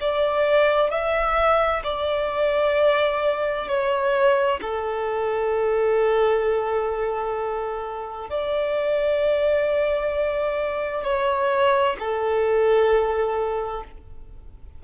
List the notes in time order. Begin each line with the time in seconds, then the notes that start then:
0.00 D5
0.90 E5
1.84 D5
3.68 C#5
4.61 A4
8.30 D5
11.04 C#5
11.99 A4